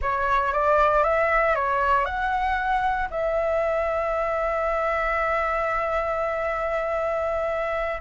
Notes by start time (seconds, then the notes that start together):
0.01 C#5
0.52 D5
1.03 E5
1.55 C#5
2.05 F#5
3.10 E5